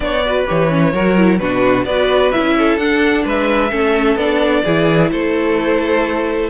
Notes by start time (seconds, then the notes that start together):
0.00 B3 D4 C#5 D5
0.25 F#4 B4
0.47 E3 G4 C#5
0.69 C#4
0.93 F#3 F#4 A#4
1.17 E4
1.38 B2 D4 F#4 B4
1.84 B3 F#4 B4 D5
2.31 C#4 E4 E5
2.58 A4
2.77 D4 F#5
3.24 G#3 B4 E5
3.70 A3 C#4 A4
4.16 B3 D4 D5
4.64 E3 E4 G#4
5.11 A3 A4 C5